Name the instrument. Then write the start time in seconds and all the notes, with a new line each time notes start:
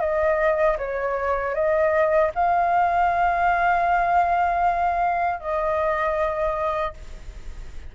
flute
0.00 D#5
0.78 C#5
1.54 D#5
2.35 F5
5.40 D#5